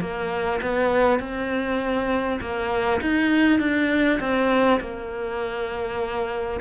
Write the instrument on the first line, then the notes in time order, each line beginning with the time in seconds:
cello
0.00 A#3
0.61 B3
1.19 C4
2.40 A#3
3.01 D#4
3.59 D4
4.20 C4
4.80 A#3